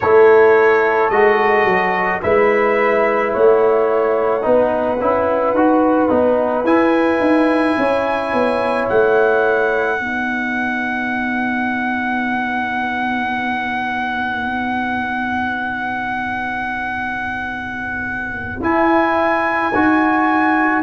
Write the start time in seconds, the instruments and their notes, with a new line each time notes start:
0.00 tuba A3, trombone E4, horn A4, trumpet C#5
1.09 tuba G#3, trombone F#4, trumpet D#5
1.64 tuba F#3
2.22 tuba G#3, trombone E4, horn B4, trumpet E5
3.33 tuba A3, horn C#5, trumpet F#5
4.41 tuba B3, trombone D#4, horn B4
5.00 tuba C#4, trombone E4
5.53 tuba D#4, trombone F#4
6.09 tuba B3, trombone D#4
6.64 tuba E4, trombone E4, trumpet G#5
7.20 tuba D#4
7.78 tuba C#4, horn C#5
8.33 tuba B3
8.88 tuba A3, trumpet F#5
9.97 tuba B3, trombone D#4, horn B4
18.60 tuba E4, trombone E4, trumpet G#5
19.74 tuba D#4, trombone F#4